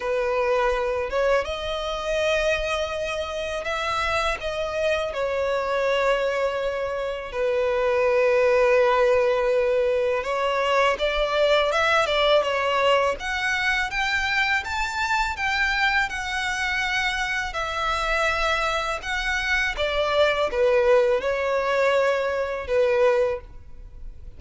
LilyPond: \new Staff \with { instrumentName = "violin" } { \time 4/4 \tempo 4 = 82 b'4. cis''8 dis''2~ | dis''4 e''4 dis''4 cis''4~ | cis''2 b'2~ | b'2 cis''4 d''4 |
e''8 d''8 cis''4 fis''4 g''4 | a''4 g''4 fis''2 | e''2 fis''4 d''4 | b'4 cis''2 b'4 | }